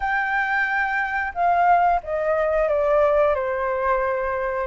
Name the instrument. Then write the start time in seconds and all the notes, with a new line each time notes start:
flute
0.00 G5
1.34 F5
2.03 D#5
2.68 D5
3.35 C5